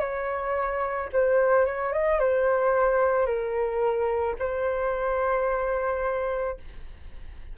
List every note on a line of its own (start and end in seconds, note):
0.00 1.09 C#5
1.13 1.66 C5
1.66 1.93 C#5
1.93 2.20 D#5
2.20 3.26 C5
3.26 4.35 A#4
4.39 6.58 C5